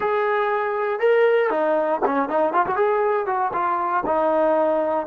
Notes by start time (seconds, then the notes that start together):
0.00 G#4
0.99 A#4
1.50 D#4
2.05 C#4
2.29 D#4
2.53 F4
2.66 F#4
2.75 G#4
3.26 F#4
3.53 F4
4.06 D#4